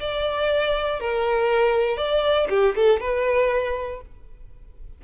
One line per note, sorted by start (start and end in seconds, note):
0.00 1.00 D5
1.00 1.97 A#4
1.97 2.48 D5
2.50 2.75 G4
2.76 3.01 A4
3.01 4.02 B4